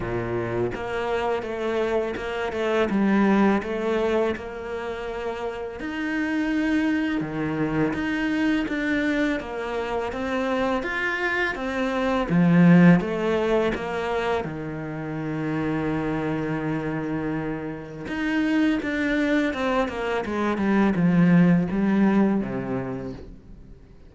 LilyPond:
\new Staff \with { instrumentName = "cello" } { \time 4/4 \tempo 4 = 83 ais,4 ais4 a4 ais8 a8 | g4 a4 ais2 | dis'2 dis4 dis'4 | d'4 ais4 c'4 f'4 |
c'4 f4 a4 ais4 | dis1~ | dis4 dis'4 d'4 c'8 ais8 | gis8 g8 f4 g4 c4 | }